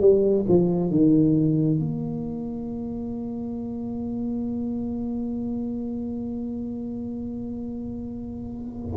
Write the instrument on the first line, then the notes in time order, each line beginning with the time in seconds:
tuba
0.00 G3
0.48 F3
0.90 D#3
1.79 A#3